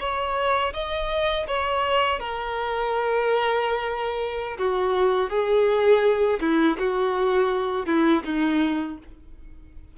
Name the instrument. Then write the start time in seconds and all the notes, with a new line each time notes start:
violin
0.00 C#5
0.74 D#5
1.47 C#5
2.20 A#4
4.58 F#4
5.30 G#4
6.41 E4
6.78 F#4
7.87 E4
8.25 D#4